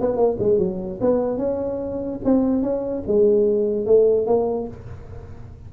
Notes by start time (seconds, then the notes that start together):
0.00 B3
0.16 A#3
0.39 G#3
0.58 F#3
1.00 B3
1.37 C#4
2.24 C4
2.62 C#4
3.07 G#3
3.86 A3
4.26 A#3